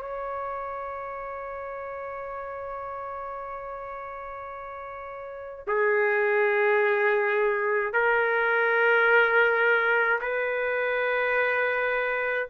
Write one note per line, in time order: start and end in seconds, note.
0.00 5.66 C#5
5.67 7.93 G#4
7.93 10.20 A#4
10.21 12.48 B4